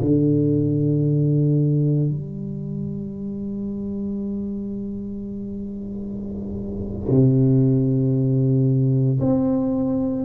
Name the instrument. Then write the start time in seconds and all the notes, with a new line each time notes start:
tuba
0.00 D3
2.10 G3
7.09 C3
9.20 C4